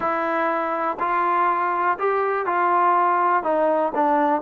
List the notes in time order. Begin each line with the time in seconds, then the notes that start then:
0.00 E4
0.99 F4
1.99 G4
2.46 F4
3.43 D#4
3.94 D4